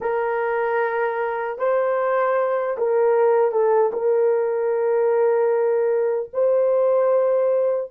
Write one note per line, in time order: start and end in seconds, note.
0.00 1.58 A#4
1.58 2.76 C5
2.77 3.51 A#4
3.51 3.91 A4
3.93 6.29 A#4
6.33 7.91 C5